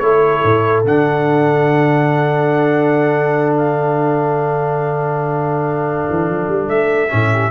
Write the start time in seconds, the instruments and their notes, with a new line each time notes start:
0.00 tuba A3, trombone E4, horn A4, trumpet C#5
0.43 tuba A2
0.84 tuba D3, trombone D4, trumpet F#5
3.57 trumpet F5
6.10 tuba E3
6.29 tuba F3
6.48 tuba G3
6.69 tuba A3, trumpet E5
7.09 tuba A2, trombone C#4
7.32 horn G4